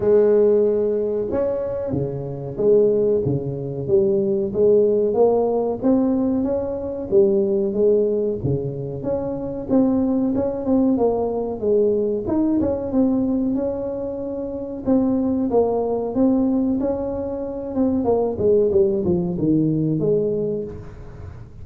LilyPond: \new Staff \with { instrumentName = "tuba" } { \time 4/4 \tempo 4 = 93 gis2 cis'4 cis4 | gis4 cis4 g4 gis4 | ais4 c'4 cis'4 g4 | gis4 cis4 cis'4 c'4 |
cis'8 c'8 ais4 gis4 dis'8 cis'8 | c'4 cis'2 c'4 | ais4 c'4 cis'4. c'8 | ais8 gis8 g8 f8 dis4 gis4 | }